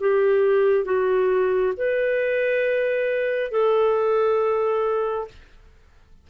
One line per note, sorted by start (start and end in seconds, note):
0.00 0.85 G4
0.85 1.73 F#4
1.77 3.52 B4
3.52 5.28 A4